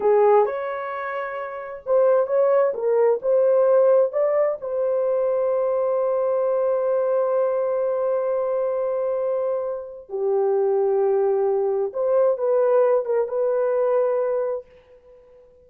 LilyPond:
\new Staff \with { instrumentName = "horn" } { \time 4/4 \tempo 4 = 131 gis'4 cis''2. | c''4 cis''4 ais'4 c''4~ | c''4 d''4 c''2~ | c''1~ |
c''1~ | c''2 g'2~ | g'2 c''4 b'4~ | b'8 ais'8 b'2. | }